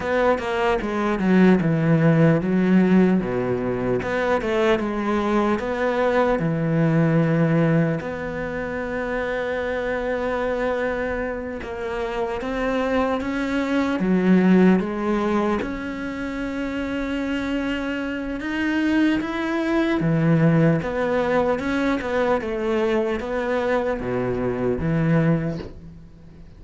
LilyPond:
\new Staff \with { instrumentName = "cello" } { \time 4/4 \tempo 4 = 75 b8 ais8 gis8 fis8 e4 fis4 | b,4 b8 a8 gis4 b4 | e2 b2~ | b2~ b8 ais4 c'8~ |
c'8 cis'4 fis4 gis4 cis'8~ | cis'2. dis'4 | e'4 e4 b4 cis'8 b8 | a4 b4 b,4 e4 | }